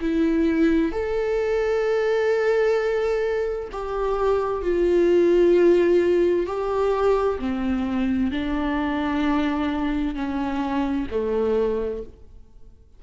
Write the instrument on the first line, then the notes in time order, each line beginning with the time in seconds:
viola
0.00 E4
0.92 A4
3.72 G4
4.62 F4
6.46 G4
7.38 C4
8.31 D4
10.15 C#4
11.10 A3